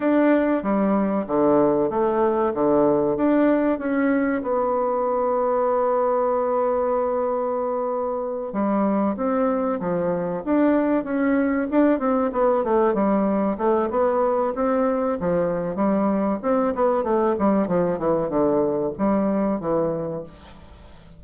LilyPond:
\new Staff \with { instrumentName = "bassoon" } { \time 4/4 \tempo 4 = 95 d'4 g4 d4 a4 | d4 d'4 cis'4 b4~ | b1~ | b4. g4 c'4 f8~ |
f8 d'4 cis'4 d'8 c'8 b8 | a8 g4 a8 b4 c'4 | f4 g4 c'8 b8 a8 g8 | f8 e8 d4 g4 e4 | }